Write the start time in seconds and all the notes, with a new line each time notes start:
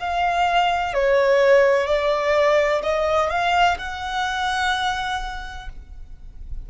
0.00 F5
0.94 C#5
1.87 D5
2.83 D#5
3.29 F5
3.78 F#5